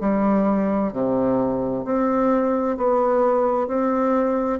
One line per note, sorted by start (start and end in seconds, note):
0.00 0.92 G3
0.92 1.85 C3
1.85 2.77 C4
2.77 3.67 B3
3.67 4.59 C4